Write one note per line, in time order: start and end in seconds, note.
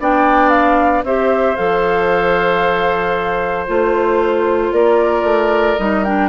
0.00 1.04 B3
0.00 1.05 D4
0.00 1.05 D5
0.00 0.50 G5
0.50 1.03 F5
1.04 1.56 C4
1.04 1.57 G4
1.04 4.73 C5
1.04 1.57 E5
1.57 3.69 F3
1.57 3.67 A4
1.57 3.67 F5
3.67 4.72 A3
3.67 5.78 F4
3.67 4.73 C5
4.72 5.23 A#3
4.72 6.29 A#4
4.72 5.78 D5
5.23 5.76 A3
5.78 6.29 G3
5.78 6.05 D#4
5.78 6.05 D#5
6.05 6.29 D4
6.05 6.29 G5